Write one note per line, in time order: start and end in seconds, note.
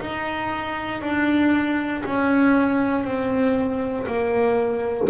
0.00 1.01 D#4
1.01 2.03 D4
2.05 3.04 C#4
3.04 4.06 C4
4.06 5.08 A#3